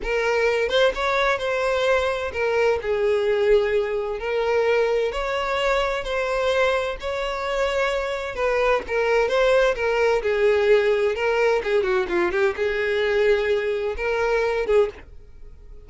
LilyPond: \new Staff \with { instrumentName = "violin" } { \time 4/4 \tempo 4 = 129 ais'4. c''8 cis''4 c''4~ | c''4 ais'4 gis'2~ | gis'4 ais'2 cis''4~ | cis''4 c''2 cis''4~ |
cis''2 b'4 ais'4 | c''4 ais'4 gis'2 | ais'4 gis'8 fis'8 f'8 g'8 gis'4~ | gis'2 ais'4. gis'8 | }